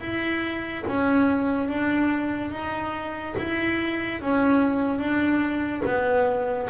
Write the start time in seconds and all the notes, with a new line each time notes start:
0.00 E4
0.87 C#4
1.68 D4
2.51 D#4
3.38 E4
4.21 C#4
4.98 D4
5.85 B3